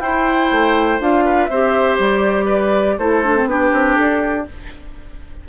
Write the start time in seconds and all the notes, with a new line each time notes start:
0.00 E4 C5 G5
0.52 A3
1.00 D4 F4 F5
1.25 B4
1.47 C4 C5 E5
1.53 G4
1.99 G3 D5
2.46 B4
2.98 A3 E4 A4 C5
3.24 D4
3.37 C4
3.45 B3 D4 G4 B4
3.73 C4
3.95 D4 A4